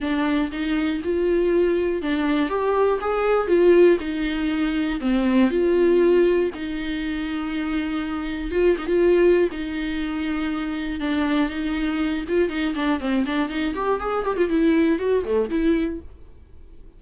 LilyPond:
\new Staff \with { instrumentName = "viola" } { \time 4/4 \tempo 4 = 120 d'4 dis'4 f'2 | d'4 g'4 gis'4 f'4 | dis'2 c'4 f'4~ | f'4 dis'2.~ |
dis'4 f'8 dis'16 f'4~ f'16 dis'4~ | dis'2 d'4 dis'4~ | dis'8 f'8 dis'8 d'8 c'8 d'8 dis'8 g'8 | gis'8 g'16 f'16 e'4 fis'8 a8 e'4 | }